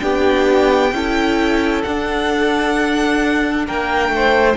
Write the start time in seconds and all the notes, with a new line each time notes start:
0.00 B3 D4 G4 G5
0.92 C#4 E4 A4
1.84 D4 F#5
3.67 A#3 A#4 G5
4.09 A3
4.16 C5